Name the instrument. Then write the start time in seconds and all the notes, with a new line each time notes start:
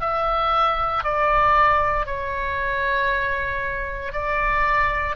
oboe
0.00 E5
1.03 D5
2.05 C#5
4.12 D5